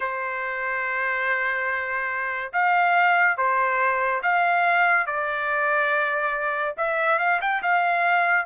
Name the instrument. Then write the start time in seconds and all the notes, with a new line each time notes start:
trumpet
0.00 C5
2.52 F5
3.37 C5
4.23 F5
5.06 D5
6.77 E5
7.18 F5
7.41 G5
7.62 F5